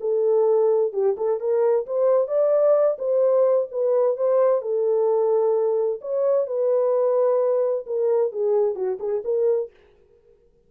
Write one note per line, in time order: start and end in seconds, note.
0.00 0.92 A4
0.93 1.16 G4
1.17 1.40 A4
1.40 1.86 A#4
1.86 2.27 C5
2.27 2.97 D5
2.98 3.67 C5
3.71 4.17 B4
4.17 4.61 C5
4.61 6.00 A4
6.01 6.47 C#5
6.47 7.85 B4
7.86 8.32 A#4
8.32 8.75 G#4
8.75 8.98 F#4
8.99 9.22 G#4
9.24 9.70 A#4